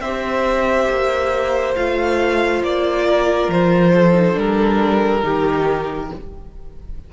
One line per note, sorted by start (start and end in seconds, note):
0.00 0.87 C4
0.00 1.76 G4
0.00 3.05 C5
0.00 1.74 E5
0.89 1.76 A#3
1.75 2.61 A3
1.75 4.14 F4
1.75 2.62 F5
2.61 3.48 A#3
2.61 3.50 D5
3.05 3.92 A#4
3.48 4.35 F3
3.48 4.38 C5
3.94 5.23 A4
4.14 4.33 D#4
4.33 5.23 G3
4.33 5.20 D4
4.33 6.12 A#4
5.22 6.10 D#3
5.22 6.09 D#4
5.22 6.10 G4